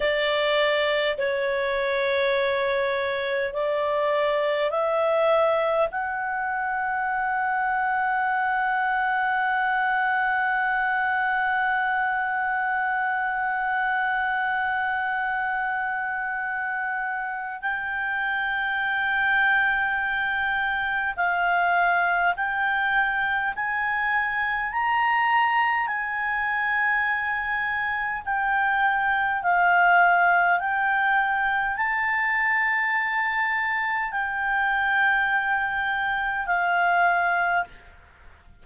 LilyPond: \new Staff \with { instrumentName = "clarinet" } { \time 4/4 \tempo 4 = 51 d''4 cis''2 d''4 | e''4 fis''2.~ | fis''1~ | fis''2. g''4~ |
g''2 f''4 g''4 | gis''4 ais''4 gis''2 | g''4 f''4 g''4 a''4~ | a''4 g''2 f''4 | }